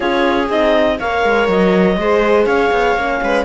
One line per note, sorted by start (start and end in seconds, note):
0.00 0.49 C#4
0.00 0.48 F4
0.00 0.96 G#4
0.00 0.48 C#5
0.49 0.99 C4
0.49 1.00 D#4
0.49 0.99 D#5
0.99 1.23 A#3
0.99 1.99 A#4
0.99 1.98 C#5
0.99 1.49 F5
1.23 1.48 G#3
1.48 1.97 F#3
1.48 2.46 D#5
1.97 2.45 G#3
1.97 2.97 G#4
1.97 2.47 C5
2.45 2.70 C#4
2.45 3.21 C#5
2.45 3.44 F5
2.71 2.96 B3
2.96 3.20 A#3
2.96 3.44 C#4
3.21 3.44 G#3
3.21 3.44 B4